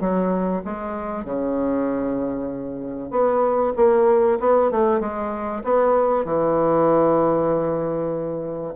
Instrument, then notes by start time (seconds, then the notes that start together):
bassoon
0.00 F#3
0.64 G#3
1.24 C#3
3.11 B3
3.76 A#3
4.40 B3
4.71 A3
5.00 G#3
5.64 B3
6.25 E3